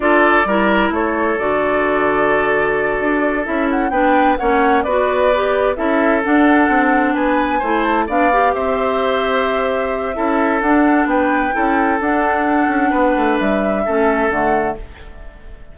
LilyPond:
<<
  \new Staff \with { instrumentName = "flute" } { \time 4/4 \tempo 4 = 130 d''2 cis''4 d''4~ | d''2.~ d''8 e''8 | fis''8 g''4 fis''4 d''4.~ | d''8 e''4 fis''2 gis''8~ |
gis''4 a''8 f''4 e''4.~ | e''2. fis''4 | g''2 fis''2~ | fis''4 e''2 fis''4 | }
  \new Staff \with { instrumentName = "oboe" } { \time 4/4 a'4 ais'4 a'2~ | a'1~ | a'8 b'4 cis''4 b'4.~ | b'8 a'2. b'8~ |
b'8 c''4 d''4 c''4.~ | c''2 a'2 | b'4 a'2. | b'2 a'2 | }
  \new Staff \with { instrumentName = "clarinet" } { \time 4/4 f'4 e'2 fis'4~ | fis'2.~ fis'8 e'8~ | e'8 d'4 cis'4 fis'4 g'8~ | g'8 e'4 d'2~ d'8~ |
d'8 e'4 d'8 g'2~ | g'2 e'4 d'4~ | d'4 e'4 d'2~ | d'2 cis'4 a4 | }
  \new Staff \with { instrumentName = "bassoon" } { \time 4/4 d'4 g4 a4 d4~ | d2~ d8 d'4 cis'8~ | cis'8 b4 ais4 b4.~ | b8 cis'4 d'4 c'4 b8~ |
b8 a4 b4 c'4.~ | c'2 cis'4 d'4 | b4 cis'4 d'4. cis'8 | b8 a8 g4 a4 d4 | }
>>